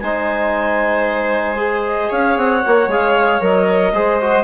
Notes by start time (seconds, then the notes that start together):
0.00 G#3 D#4 C5 G#5
1.57 G#4
1.86 D#5
2.09 C#4 C#5 F5
2.37 C4 F#5
2.65 A#3 F#4
2.87 G#3 G#4 F5
3.40 F#3 A#4 D#5
3.92 G#3 G#4 C5
4.21 F#4